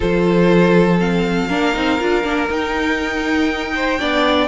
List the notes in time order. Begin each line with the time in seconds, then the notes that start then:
0.00 F3 F4 A4 C5
0.99 C4 F5
1.48 A#3 D4 A#4
1.73 C4 D#4
1.99 D4 F4
2.23 A#3 D4
2.49 D#4 G5
3.75 C5
3.98 B3 D4 D5